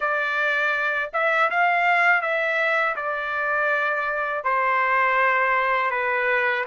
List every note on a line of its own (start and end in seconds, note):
0.00 1.10 D5
1.13 1.50 E5
1.50 2.21 F5
2.21 2.95 E5
2.96 4.44 D5
4.44 5.90 C5
5.90 6.64 B4